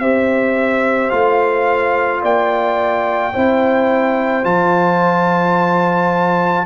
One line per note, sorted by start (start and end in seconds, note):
0.00 1.11 C4
0.00 1.11 G4
0.00 2.22 C5
0.00 1.10 E5
1.10 2.23 A3
1.10 3.33 F4
1.10 2.21 F5
2.22 3.34 A#3
2.22 3.33 D5
2.22 4.45 G5
3.33 4.45 C4
3.33 4.44 E4
3.33 6.66 C5
4.44 6.66 F3
4.44 6.66 F4
4.44 6.66 A5